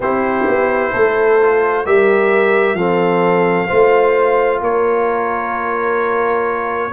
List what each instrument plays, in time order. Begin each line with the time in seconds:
0.00 tuba C4, trombone E4, horn G4, trumpet C5
0.47 tuba B3
0.91 tuba A3, horn A4
1.40 trombone F4
1.85 tuba G3, trombone G4, horn A#4, trumpet E5
2.73 tuba F3, trombone C4, horn A4, trumpet F5
3.66 tuba A3, trombone F4, horn C5
4.61 tuba A#3, horn A#4, trumpet C#5